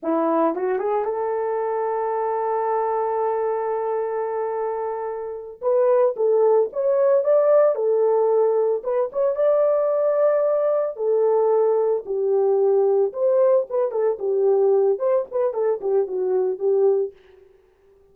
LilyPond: \new Staff \with { instrumentName = "horn" } { \time 4/4 \tempo 4 = 112 e'4 fis'8 gis'8 a'2~ | a'1~ | a'2~ a'8 b'4 a'8~ | a'8 cis''4 d''4 a'4.~ |
a'8 b'8 cis''8 d''2~ d''8~ | d''8 a'2 g'4.~ | g'8 c''4 b'8 a'8 g'4. | c''8 b'8 a'8 g'8 fis'4 g'4 | }